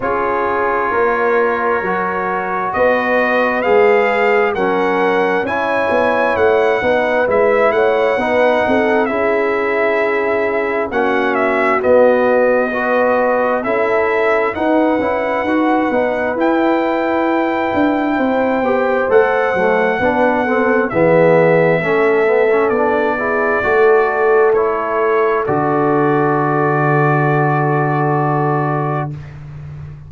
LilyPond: <<
  \new Staff \with { instrumentName = "trumpet" } { \time 4/4 \tempo 4 = 66 cis''2. dis''4 | f''4 fis''4 gis''4 fis''4 | e''8 fis''4. e''2 | fis''8 e''8 dis''2 e''4 |
fis''2 g''2~ | g''4 fis''2 e''4~ | e''4 d''2 cis''4 | d''1 | }
  \new Staff \with { instrumentName = "horn" } { \time 4/4 gis'4 ais'2 b'4~ | b'4 ais'4 cis''4. b'8~ | b'8 cis''8 b'8 a'8 gis'2 | fis'2 b'4 a'4 |
b'1 | c''2 b'8 a'8 gis'4 | a'4. gis'8 a'2~ | a'1 | }
  \new Staff \with { instrumentName = "trombone" } { \time 4/4 f'2 fis'2 | gis'4 cis'4 e'4. dis'8 | e'4 dis'4 e'2 | cis'4 b4 fis'4 e'4 |
dis'8 e'8 fis'8 dis'8 e'2~ | e'8 g'8 a'8 a8 d'8 c'8 b4 | cis'8 b16 cis'16 d'8 e'8 fis'4 e'4 | fis'1 | }
  \new Staff \with { instrumentName = "tuba" } { \time 4/4 cis'4 ais4 fis4 b4 | gis4 fis4 cis'8 b8 a8 b8 | gis8 a8 b8 c'8 cis'2 | ais4 b2 cis'4 |
dis'8 cis'8 dis'8 b8 e'4. d'8 | c'8 b8 a8 fis8 b4 e4 | a4 b4 a2 | d1 | }
>>